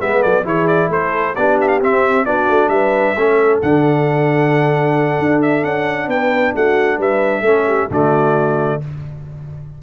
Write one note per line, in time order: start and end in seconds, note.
0.00 0.24 G#3
0.00 0.44 B3
0.00 0.21 B4
0.00 0.23 E5
0.21 0.45 F#3
0.21 0.44 A4
0.21 0.45 D5
0.44 0.90 E3
0.44 1.35 E4
0.44 0.91 G#4
0.44 0.67 C#5
0.67 0.90 D5
0.90 1.35 A3
0.90 1.36 A4
0.90 1.36 C5
1.36 1.81 B3
1.36 1.81 D4
1.36 2.26 G4
1.36 1.58 D5
1.61 1.68 E5
1.68 1.80 F5
1.81 2.26 C4
1.81 2.25 E5
2.25 2.49 B3
2.25 3.16 D4
2.25 2.72 F#4
2.25 2.69 D5
2.49 2.69 A3
2.69 3.14 G3
2.69 3.17 B4
2.69 3.59 E5
3.16 3.62 A3
3.16 3.63 C#4
3.16 6.10 A4
3.62 5.19 D3
3.62 7.45 D4
3.62 5.42 F#5
5.19 5.63 D4
5.42 5.64 E5
5.63 6.08 C#4
5.63 6.09 F#5
6.08 6.53 B3
6.08 6.55 B4
6.08 6.55 G5
6.55 6.99 A3
6.55 6.98 F#4
6.55 7.01 F#5
6.98 7.42 G3
6.98 7.43 B4
6.98 7.92 E5
7.42 7.87 A3
7.42 7.90 C#4
7.42 7.67 A4
7.67 7.90 G4
7.90 8.81 D3
7.90 8.82 A3
7.90 8.81 F#4
7.90 8.83 D5